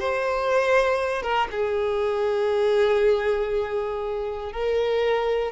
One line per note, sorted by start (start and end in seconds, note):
0.00 1.23 C5
1.23 1.48 A#4
1.51 4.53 G#4
4.53 5.52 A#4